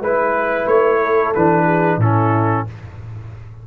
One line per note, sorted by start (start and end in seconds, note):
0.00 0.66 G#3
0.00 1.35 E4
0.00 1.00 B4
0.00 0.67 B4
0.66 1.32 A3
0.66 1.33 C#5
1.00 1.66 A4
1.35 1.98 E3
1.35 2.01 D4
1.35 2.01 B4
1.66 1.98 G#4
1.98 2.64 A2
1.98 2.67 C#4
1.98 2.66 E4
1.98 2.67 A4